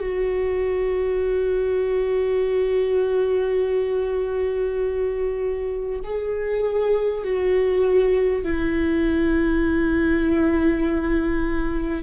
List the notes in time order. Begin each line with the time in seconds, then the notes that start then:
0.00 F#4
6.03 G#4
7.23 F#4
8.44 E4